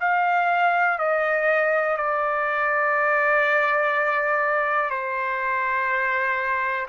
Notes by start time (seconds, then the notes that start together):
0.00 F5
0.98 D#5
1.97 D5
4.90 C5